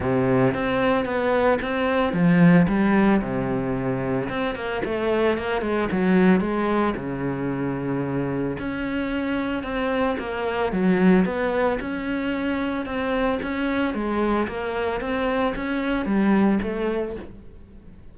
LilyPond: \new Staff \with { instrumentName = "cello" } { \time 4/4 \tempo 4 = 112 c4 c'4 b4 c'4 | f4 g4 c2 | c'8 ais8 a4 ais8 gis8 fis4 | gis4 cis2. |
cis'2 c'4 ais4 | fis4 b4 cis'2 | c'4 cis'4 gis4 ais4 | c'4 cis'4 g4 a4 | }